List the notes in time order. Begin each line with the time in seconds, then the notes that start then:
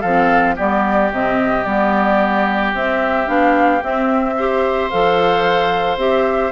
0.00 F3 C4 A4 F5
0.55 G3 B3 G4 D5
1.11 C3 C4 D#5
1.63 G3 B3 D5
2.74 C4 E5
3.26 B3 D4 F5
3.81 C4 E5
4.37 G4 C5
4.90 F3 A4 F5
5.97 C4 G4 E5